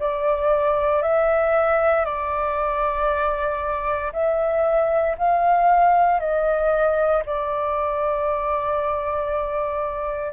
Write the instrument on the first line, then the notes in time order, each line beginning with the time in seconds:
flute
0.00 D5
1.03 E5
2.05 D5
4.13 E5
5.19 F5
6.20 D#5
7.26 D5